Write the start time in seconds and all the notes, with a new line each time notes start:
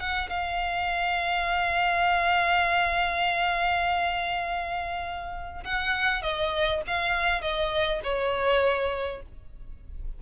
0.00 F#5
0.29 F5
5.64 F#5
6.22 D#5
6.87 F5
7.41 D#5
8.04 C#5